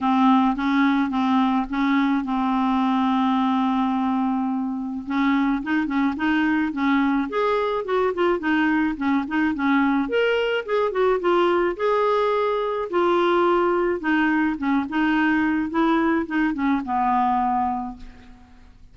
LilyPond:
\new Staff \with { instrumentName = "clarinet" } { \time 4/4 \tempo 4 = 107 c'4 cis'4 c'4 cis'4 | c'1~ | c'4 cis'4 dis'8 cis'8 dis'4 | cis'4 gis'4 fis'8 f'8 dis'4 |
cis'8 dis'8 cis'4 ais'4 gis'8 fis'8 | f'4 gis'2 f'4~ | f'4 dis'4 cis'8 dis'4. | e'4 dis'8 cis'8 b2 | }